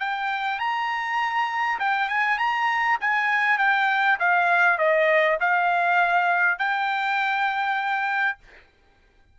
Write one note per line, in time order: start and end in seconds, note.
0.00 0.59 G5
0.59 1.79 A#5
1.79 2.09 G5
2.09 2.38 G#5
2.38 2.98 A#5
3.01 3.58 G#5
3.58 4.18 G5
4.19 4.78 F5
4.78 5.38 D#5
5.41 6.58 F5
6.58 8.38 G5